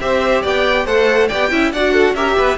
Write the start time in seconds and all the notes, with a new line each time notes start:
0.00 C4 G4 C5 E5
0.42 B3 D5 G5
0.85 A3 A4 C5 F#5
1.28 B3 G4 D5 G5
1.51 C#4 E4 E5
1.72 D4 F#4 D5 F#5
1.93 A4
2.14 C#4 G4 A#4 E5
2.37 B3 B4